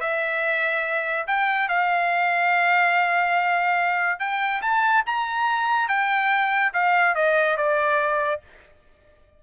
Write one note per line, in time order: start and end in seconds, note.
0.00 1.26 E5
1.27 1.68 G5
1.68 4.19 F5
4.19 4.61 G5
4.62 5.03 A5
5.06 5.88 A#5
5.88 6.72 G5
6.73 7.15 F5
7.15 7.57 D#5
7.57 8.41 D5